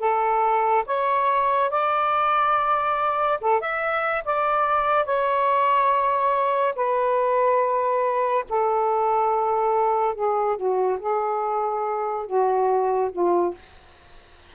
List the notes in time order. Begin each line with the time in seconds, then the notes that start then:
0.00 A4
0.86 C#5
1.70 D5
3.41 A4
3.60 E5
4.24 D5
5.05 C#5
6.76 B4
8.49 A4
10.14 G#4
10.57 F#4
10.99 G#4
12.26 F#4
13.12 F4